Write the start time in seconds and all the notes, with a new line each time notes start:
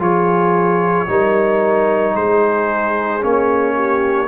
0.00 F3 F4 G#4 C#5
1.07 G3 D#4 A#4
2.15 G#3 G#4 C5
3.21 A#3 C#4 C#5
3.76 G4